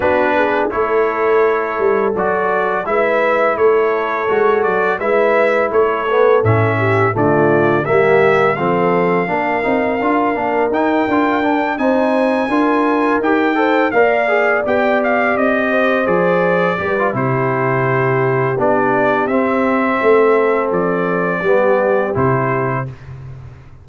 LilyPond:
<<
  \new Staff \with { instrumentName = "trumpet" } { \time 4/4 \tempo 4 = 84 b'4 cis''2 d''4 | e''4 cis''4. d''8 e''4 | cis''4 e''4 d''4 e''4 | f''2. g''4~ |
g''8 gis''2 g''4 f''8~ | f''8 g''8 f''8 dis''4 d''4. | c''2 d''4 e''4~ | e''4 d''2 c''4 | }
  \new Staff \with { instrumentName = "horn" } { \time 4/4 fis'8 gis'8 a'2. | b'4 a'2 b'4 | a'4. g'8 f'4 g'4 | a'4 ais'2.~ |
ais'8 c''4 ais'4. c''8 d''8~ | d''2 c''4. b'8 | g'1 | a'2 g'2 | }
  \new Staff \with { instrumentName = "trombone" } { \time 4/4 d'4 e'2 fis'4 | e'2 fis'4 e'4~ | e'8 b8 cis'4 a4 ais4 | c'4 d'8 dis'8 f'8 d'8 dis'8 f'8 |
d'8 dis'4 f'4 g'8 a'8 ais'8 | gis'8 g'2 gis'4 g'16 f'16 | e'2 d'4 c'4~ | c'2 b4 e'4 | }
  \new Staff \with { instrumentName = "tuba" } { \time 4/4 b4 a4. g8 fis4 | gis4 a4 gis8 fis8 gis4 | a4 a,4 d4 g4 | f4 ais8 c'8 d'8 ais8 dis'8 d'8~ |
d'8 c'4 d'4 dis'4 ais8~ | ais8 b4 c'4 f4 g8 | c2 b4 c'4 | a4 f4 g4 c4 | }
>>